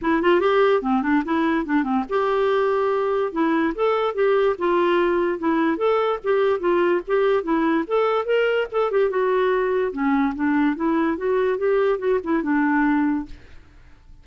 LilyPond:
\new Staff \with { instrumentName = "clarinet" } { \time 4/4 \tempo 4 = 145 e'8 f'8 g'4 c'8 d'8 e'4 | d'8 c'8 g'2. | e'4 a'4 g'4 f'4~ | f'4 e'4 a'4 g'4 |
f'4 g'4 e'4 a'4 | ais'4 a'8 g'8 fis'2 | cis'4 d'4 e'4 fis'4 | g'4 fis'8 e'8 d'2 | }